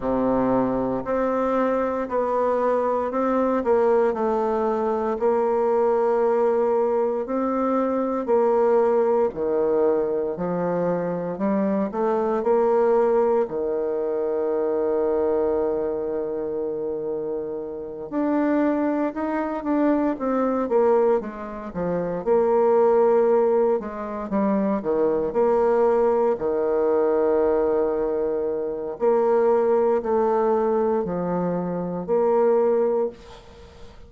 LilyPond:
\new Staff \with { instrumentName = "bassoon" } { \time 4/4 \tempo 4 = 58 c4 c'4 b4 c'8 ais8 | a4 ais2 c'4 | ais4 dis4 f4 g8 a8 | ais4 dis2.~ |
dis4. d'4 dis'8 d'8 c'8 | ais8 gis8 f8 ais4. gis8 g8 | dis8 ais4 dis2~ dis8 | ais4 a4 f4 ais4 | }